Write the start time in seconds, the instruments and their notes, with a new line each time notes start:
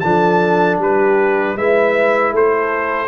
0.00 tuba F3, trombone D4, horn A4, trumpet A5
0.78 tuba G3, horn G4, trumpet B4
1.55 tuba G#3, trombone E4, horn B4, trumpet E5
2.32 tuba A3, horn A4, trumpet C5